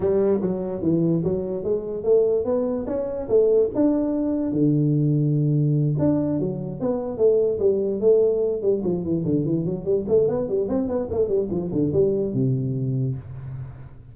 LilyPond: \new Staff \with { instrumentName = "tuba" } { \time 4/4 \tempo 4 = 146 g4 fis4 e4 fis4 | gis4 a4 b4 cis'4 | a4 d'2 d4~ | d2~ d8 d'4 fis8~ |
fis8 b4 a4 g4 a8~ | a4 g8 f8 e8 d8 e8 fis8 | g8 a8 b8 g8 c'8 b8 a8 g8 | f8 d8 g4 c2 | }